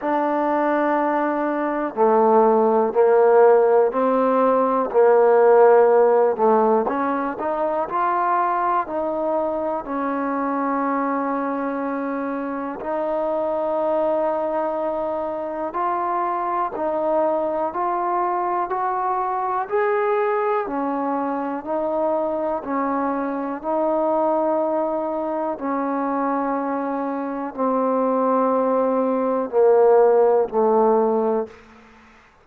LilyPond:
\new Staff \with { instrumentName = "trombone" } { \time 4/4 \tempo 4 = 61 d'2 a4 ais4 | c'4 ais4. a8 cis'8 dis'8 | f'4 dis'4 cis'2~ | cis'4 dis'2. |
f'4 dis'4 f'4 fis'4 | gis'4 cis'4 dis'4 cis'4 | dis'2 cis'2 | c'2 ais4 a4 | }